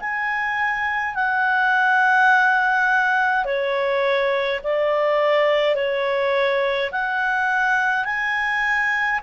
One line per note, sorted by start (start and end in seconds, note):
0.00 1.14 G#5
1.14 3.45 F#5
3.45 4.60 C#5
4.64 5.75 D5
5.75 6.90 C#5
6.91 8.05 F#5
8.05 9.20 G#5